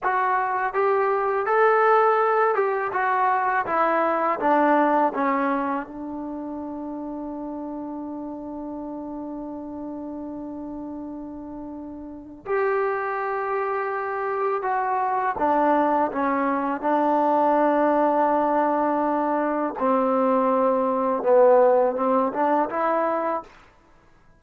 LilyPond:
\new Staff \with { instrumentName = "trombone" } { \time 4/4 \tempo 4 = 82 fis'4 g'4 a'4. g'8 | fis'4 e'4 d'4 cis'4 | d'1~ | d'1~ |
d'4 g'2. | fis'4 d'4 cis'4 d'4~ | d'2. c'4~ | c'4 b4 c'8 d'8 e'4 | }